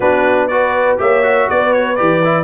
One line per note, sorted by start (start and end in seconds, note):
0.00 0.98 B3
0.00 0.50 D4
0.00 0.49 F#4
0.00 0.47 B4
0.47 0.98 F#4
0.47 1.00 B4
0.47 0.97 D5
0.98 1.49 A#3
0.98 1.22 G4
0.98 1.49 C#5
0.98 1.49 E5
1.22 1.97 F#4
1.49 2.00 B3
1.49 2.43 B4
1.49 1.73 D5
1.73 1.95 C#5
1.95 2.43 E3
1.95 2.22 G4
1.95 2.43 D5
2.24 2.43 E4